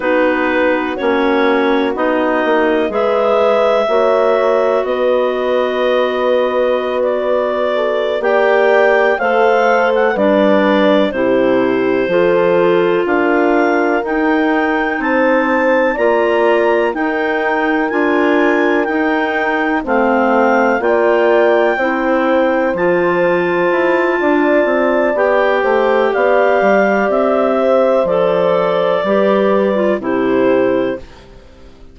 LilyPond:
<<
  \new Staff \with { instrumentName = "clarinet" } { \time 4/4 \tempo 4 = 62 b'4 cis''4 dis''4 e''4~ | e''4 dis''2~ dis''16 d''8.~ | d''8 g''4 f''8. fis''16 d''4 c''8~ | c''4. f''4 g''4 a''8~ |
a''8 ais''4 g''4 gis''4 g''8~ | g''8 f''4 g''2 a''8~ | a''2 g''4 f''4 | e''4 d''2 c''4 | }
  \new Staff \with { instrumentName = "horn" } { \time 4/4 fis'2. b'4 | cis''4 b'2. | a'8 d''4 c''4 b'4 g'8~ | g'8 a'4 ais'2 c''8~ |
c''8 d''4 ais'2~ ais'8~ | ais'8 c''4 d''4 c''4.~ | c''4 d''4. c''8 d''4~ | d''8 c''4. b'4 g'4 | }
  \new Staff \with { instrumentName = "clarinet" } { \time 4/4 dis'4 cis'4 dis'4 gis'4 | fis'1~ | fis'8 g'4 a'4 d'4 e'8~ | e'8 f'2 dis'4.~ |
dis'8 f'4 dis'4 f'4 dis'8~ | dis'8 c'4 f'4 e'4 f'8~ | f'2 g'2~ | g'4 a'4 g'8. f'16 e'4 | }
  \new Staff \with { instrumentName = "bassoon" } { \time 4/4 b4 ais4 b8 ais8 gis4 | ais4 b2.~ | b8 ais4 a4 g4 c8~ | c8 f4 d'4 dis'4 c'8~ |
c'8 ais4 dis'4 d'4 dis'8~ | dis'8 a4 ais4 c'4 f8~ | f8 e'8 d'8 c'8 b8 a8 b8 g8 | c'4 f4 g4 c4 | }
>>